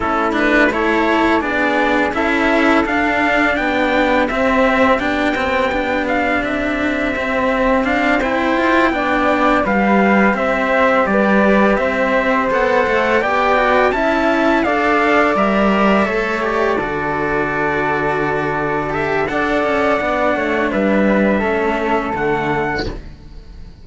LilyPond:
<<
  \new Staff \with { instrumentName = "trumpet" } { \time 4/4 \tempo 4 = 84 a'8 b'8 cis''4 d''4 e''4 | f''4 g''4 e''4 g''4~ | g''8 f''8 e''2 f''8 g''8~ | g''4. f''4 e''4 d''8~ |
d''8 e''4 fis''4 g''4 a''8~ | a''8 f''4 e''4. d''4~ | d''2~ d''8 e''8 fis''4~ | fis''4 e''2 fis''4 | }
  \new Staff \with { instrumentName = "flute" } { \time 4/4 e'4 a'4 gis'4 a'4~ | a'4 g'2.~ | g'2.~ g'8 c''8~ | c''8 d''4 b'4 c''4 b'8~ |
b'8 c''2 d''4 e''8~ | e''8 d''2 cis''4 a'8~ | a'2. d''4~ | d''8 cis''8 b'4 a'2 | }
  \new Staff \with { instrumentName = "cello" } { \time 4/4 cis'8 d'8 e'4 d'4 e'4 | d'2 c'4 d'8 c'8 | d'2 c'4 d'8 e'8~ | e'8 d'4 g'2~ g'8~ |
g'4. a'4 g'8 fis'8 e'8~ | e'8 a'4 ais'4 a'8 g'8 fis'8~ | fis'2~ fis'8 g'8 a'4 | d'2 cis'4 a4 | }
  \new Staff \with { instrumentName = "cello" } { \time 4/4 a2 b4 cis'4 | d'4 b4 c'4 b4~ | b4 c'2. | f'8 b4 g4 c'4 g8~ |
g8 c'4 b8 a8 b4 cis'8~ | cis'8 d'4 g4 a4 d8~ | d2. d'8 cis'8 | b8 a8 g4 a4 d4 | }
>>